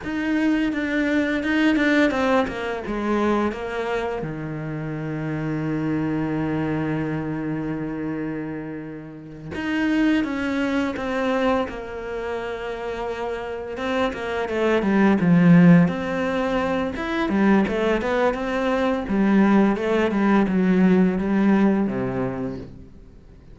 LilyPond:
\new Staff \with { instrumentName = "cello" } { \time 4/4 \tempo 4 = 85 dis'4 d'4 dis'8 d'8 c'8 ais8 | gis4 ais4 dis2~ | dis1~ | dis4. dis'4 cis'4 c'8~ |
c'8 ais2. c'8 | ais8 a8 g8 f4 c'4. | e'8 g8 a8 b8 c'4 g4 | a8 g8 fis4 g4 c4 | }